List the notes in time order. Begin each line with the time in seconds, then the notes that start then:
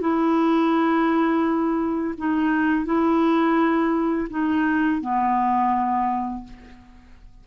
0.00 E4
2.18 D#4
2.85 E4
4.30 D#4
5.01 B3